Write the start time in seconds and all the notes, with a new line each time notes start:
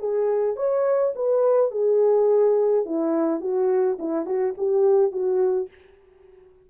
0.00 G#4
0.57 C#5
1.16 B4
1.72 G#4
2.86 E4
3.41 F#4
3.99 E4
4.26 F#4
4.58 G4
5.12 F#4